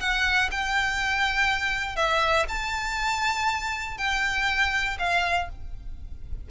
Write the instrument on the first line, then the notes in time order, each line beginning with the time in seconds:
violin
0.00 F#5
0.51 G5
1.96 E5
2.48 A5
3.97 G5
4.99 F5